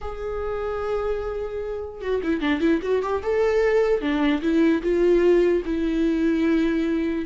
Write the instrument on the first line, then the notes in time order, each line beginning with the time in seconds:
viola
0.01 G#4
2.01 F#4
2.23 E4
2.41 D4
2.60 E4
2.82 F#4
3.02 G4
3.22 A4
4.01 D4
4.41 E4
4.82 F4
5.65 E4